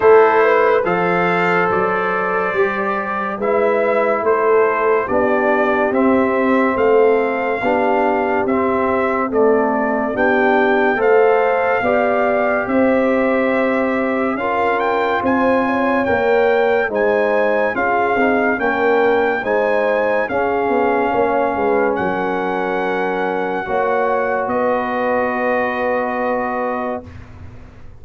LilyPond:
<<
  \new Staff \with { instrumentName = "trumpet" } { \time 4/4 \tempo 4 = 71 c''4 f''4 d''2 | e''4 c''4 d''4 e''4 | f''2 e''4 d''4 | g''4 f''2 e''4~ |
e''4 f''8 g''8 gis''4 g''4 | gis''4 f''4 g''4 gis''4 | f''2 fis''2~ | fis''4 dis''2. | }
  \new Staff \with { instrumentName = "horn" } { \time 4/4 a'8 b'8 c''2. | b'4 a'4 g'2 | a'4 g'2 a'4 | g'4 c''4 d''4 c''4~ |
c''4 ais'4 c''8 cis''4. | c''4 gis'4 ais'4 c''4 | gis'4 cis''8 b'8 ais'2 | cis''4 b'2. | }
  \new Staff \with { instrumentName = "trombone" } { \time 4/4 e'4 a'2 g'4 | e'2 d'4 c'4~ | c'4 d'4 c'4 a4 | d'4 a'4 g'2~ |
g'4 f'2 ais'4 | dis'4 f'8 dis'8 cis'4 dis'4 | cis'1 | fis'1 | }
  \new Staff \with { instrumentName = "tuba" } { \time 4/4 a4 f4 fis4 g4 | gis4 a4 b4 c'4 | a4 b4 c'2 | b4 a4 b4 c'4~ |
c'4 cis'4 c'4 ais4 | gis4 cis'8 c'8 ais4 gis4 | cis'8 b8 ais8 gis8 fis2 | ais4 b2. | }
>>